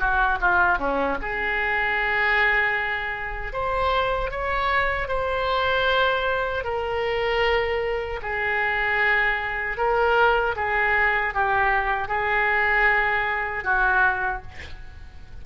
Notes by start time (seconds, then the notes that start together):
0.00 F#4
0.41 F4
0.79 C#4
1.22 G#4
3.53 C5
4.31 C#5
5.09 C5
6.65 A#4
8.22 G#4
9.78 A#4
10.57 G#4
11.34 G4
12.09 G#4
13.65 F#4